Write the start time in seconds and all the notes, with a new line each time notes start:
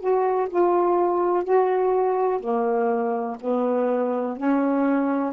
0.00 F#4
0.50 F4
1.45 F#4
2.41 A#3
3.41 B3
4.38 C#4